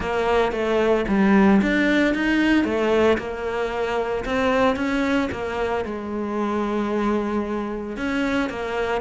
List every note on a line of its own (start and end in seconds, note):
0.00 0.52 A#3
0.52 1.05 A3
1.08 1.61 G3
1.62 2.14 D4
2.14 2.64 D#4
2.64 3.17 A3
3.18 4.24 A#3
4.25 4.76 C4
4.76 5.29 C#4
5.31 5.84 A#3
5.84 7.96 G#3
7.96 8.49 C#4
8.49 9.01 A#3